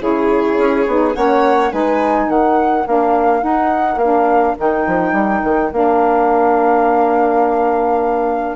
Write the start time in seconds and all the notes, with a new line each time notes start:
0.00 C#3 E4 G#4 C#5
0.58 C#4
0.87 B3 D#4
1.15 A#3 C#4 C#5 F#5
1.71 G#3 D#4 B4 G#5
2.28 D#3 A#4 F#5
2.87 A#3 D4 F5
3.41 D#4 F#5
3.97 A#3 D4 F5
4.57 D#3 D#4 G5
4.87 F3
5.13 G3
5.44 D#3
5.72 A#3 D4 F5